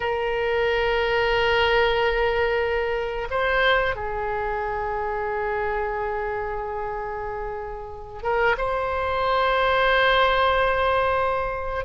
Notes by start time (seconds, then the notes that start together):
0.00 A#4
3.30 C5
3.95 G#4
8.22 A#4
8.57 C5